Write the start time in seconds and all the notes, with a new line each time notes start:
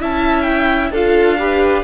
0.00 C#4 E4 E5 A5
0.42 G5
0.92 D4 F4 A4 F5
1.39 G4 B4